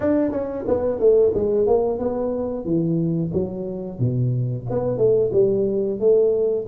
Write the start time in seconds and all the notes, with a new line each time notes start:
0.00 D4
0.31 C#4
0.67 B3
0.99 A3
1.34 G#3
1.66 A#3
1.98 B3
2.64 E3
3.33 F#3
3.99 B2
4.69 B3
4.97 A3
5.32 G3
5.99 A3